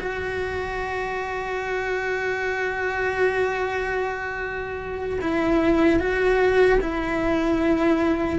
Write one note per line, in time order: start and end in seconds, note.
0.00 5.20 F#4
5.21 6.00 E4
6.00 6.80 F#4
6.81 8.40 E4